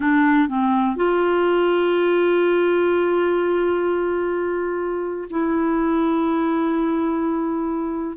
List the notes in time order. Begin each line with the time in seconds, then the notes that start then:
0.00 D4
0.48 C4
0.96 F4
5.29 E4